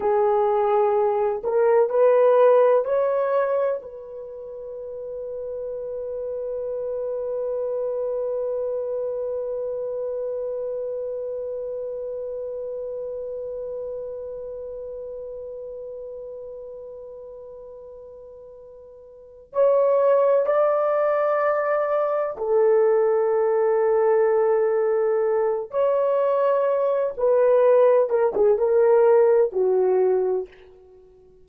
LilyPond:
\new Staff \with { instrumentName = "horn" } { \time 4/4 \tempo 4 = 63 gis'4. ais'8 b'4 cis''4 | b'1~ | b'1~ | b'1~ |
b'1~ | b'8 cis''4 d''2 a'8~ | a'2. cis''4~ | cis''8 b'4 ais'16 gis'16 ais'4 fis'4 | }